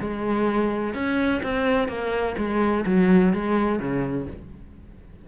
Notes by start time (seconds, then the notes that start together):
0.00 G#3
0.94 C#4
1.43 C4
1.89 A#3
2.38 G#3
2.86 F#3
3.33 G#3
3.79 C#3